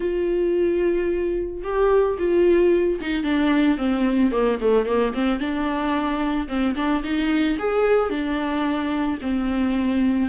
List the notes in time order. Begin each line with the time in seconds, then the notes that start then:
0.00 F4
1.63 G4
2.18 F4
3.00 D#4
3.23 D4
3.77 C4
4.31 A#3
4.61 A3
4.86 A#3
5.14 C4
5.39 D4
6.48 C4
6.75 D4
7.03 D#4
7.58 G#4
8.10 D4
9.21 C4